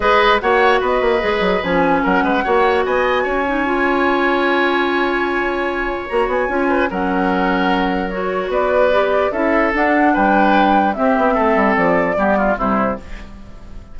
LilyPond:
<<
  \new Staff \with { instrumentName = "flute" } { \time 4/4 \tempo 4 = 148 dis''4 fis''4 dis''2 | gis''4 fis''2 gis''4~ | gis''1~ | gis''2. ais''8 gis''8~ |
gis''4 fis''2. | cis''4 d''2 e''4 | fis''4 g''2 e''4~ | e''4 d''2 c''4 | }
  \new Staff \with { instrumentName = "oboe" } { \time 4/4 b'4 cis''4 b'2~ | b'4 ais'8 b'8 cis''4 dis''4 | cis''1~ | cis''1~ |
cis''8 b'8 ais'2.~ | ais'4 b'2 a'4~ | a'4 b'2 g'4 | a'2 g'8 f'8 e'4 | }
  \new Staff \with { instrumentName = "clarinet" } { \time 4/4 gis'4 fis'2 gis'4 | cis'2 fis'2~ | fis'8 dis'8 f'2.~ | f'2. fis'4 |
f'4 cis'2. | fis'2 g'4 e'4 | d'2. c'4~ | c'2 b4 g4 | }
  \new Staff \with { instrumentName = "bassoon" } { \time 4/4 gis4 ais4 b8 ais8 gis8 fis8 | f4 fis8 gis8 ais4 b4 | cis'1~ | cis'2. ais8 b8 |
cis'4 fis2.~ | fis4 b2 cis'4 | d'4 g2 c'8 b8 | a8 g8 f4 g4 c4 | }
>>